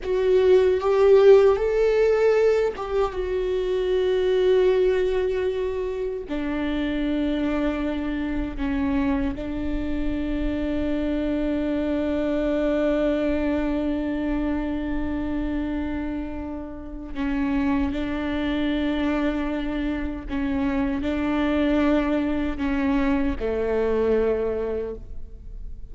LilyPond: \new Staff \with { instrumentName = "viola" } { \time 4/4 \tempo 4 = 77 fis'4 g'4 a'4. g'8 | fis'1 | d'2. cis'4 | d'1~ |
d'1~ | d'2 cis'4 d'4~ | d'2 cis'4 d'4~ | d'4 cis'4 a2 | }